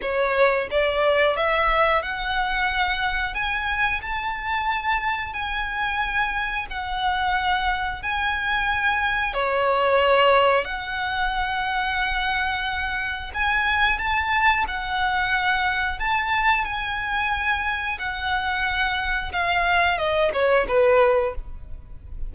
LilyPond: \new Staff \with { instrumentName = "violin" } { \time 4/4 \tempo 4 = 90 cis''4 d''4 e''4 fis''4~ | fis''4 gis''4 a''2 | gis''2 fis''2 | gis''2 cis''2 |
fis''1 | gis''4 a''4 fis''2 | a''4 gis''2 fis''4~ | fis''4 f''4 dis''8 cis''8 b'4 | }